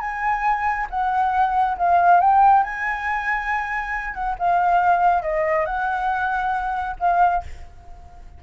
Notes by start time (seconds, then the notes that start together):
0.00 G#5
0.90 F#5
1.78 F5
2.21 G5
2.63 G#5
4.14 F#5
4.39 F5
5.22 D#5
5.66 F#5
7.00 F5